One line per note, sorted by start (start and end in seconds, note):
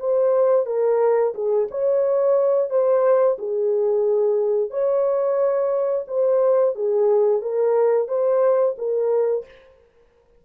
0.00 0.66 C5
0.66 1.34 A#4
1.35 1.69 G#4
1.71 2.70 C#5
2.70 3.38 C5
3.39 4.71 G#4
4.71 6.06 C#5
6.08 6.75 C5
6.76 7.42 G#4
7.42 8.09 A#4
8.09 8.76 C5
8.78 9.46 A#4